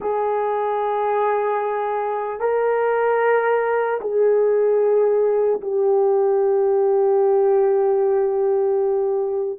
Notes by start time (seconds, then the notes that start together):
0.00 G#4
2.40 A#4
4.00 G#4
5.61 G4